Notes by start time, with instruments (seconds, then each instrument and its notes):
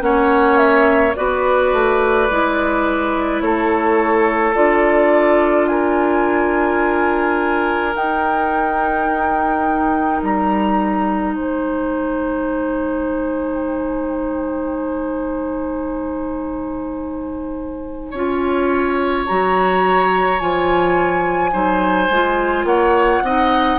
0.00 bassoon A#3, clarinet C#4, oboe C#5, flute F#5
0.58 flute E5
1.16 bassoon B3, clarinet F#4, oboe B4, flute D5
1.73 bassoon A3
2.30 bassoon G#3, clarinet E4
3.41 bassoon A3, oboe A4, flute C#5
4.54 bassoon D4, clarinet F4, flute D5
5.67 oboe A#4, flute G#5
7.95 bassoon D#4, clarinet D#4, flute G5
10.22 bassoon G3, flute A#5
11.35 bassoon G#3, oboe C5, flute G#5
18.11 bassoon C#4, clarinet F4, oboe C#5
19.27 bassoon F#3, clarinet F#4, flute A#5
20.39 bassoon F3, clarinet F4, flute G#5
21.52 bassoon F#3, clarinet D#4, oboe C5
22.10 bassoon G#3, clarinet F4
22.64 bassoon A#3, oboe C#5, flute F#5
23.22 bassoon C4, clarinet D#4, oboe D#5